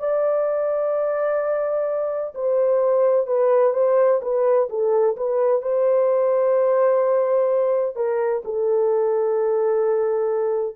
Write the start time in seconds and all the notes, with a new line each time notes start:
0.00 D5
2.35 C5
3.27 B4
3.74 C5
4.22 B4
4.70 A4
5.17 B4
5.62 C5
7.96 A#4
8.45 A4